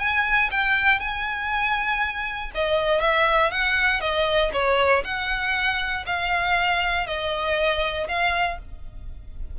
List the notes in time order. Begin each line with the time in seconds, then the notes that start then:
0.00 G#5
0.52 G5
1.00 G#5
2.55 D#5
3.01 E5
3.52 F#5
4.01 D#5
4.54 C#5
5.05 F#5
6.07 F5
7.07 D#5
8.09 F5